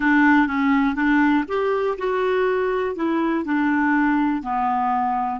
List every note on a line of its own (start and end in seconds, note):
0.00 0.47 D4
0.47 0.95 C#4
0.95 1.44 D4
1.48 1.97 G4
1.98 2.95 F#4
2.95 3.44 E4
3.44 4.42 D4
4.42 5.40 B3